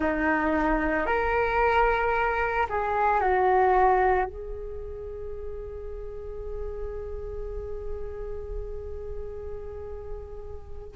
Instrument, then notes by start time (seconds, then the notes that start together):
flute
0.00 D#4
1.06 A#4
2.69 G#4
3.20 F#4
4.25 G#4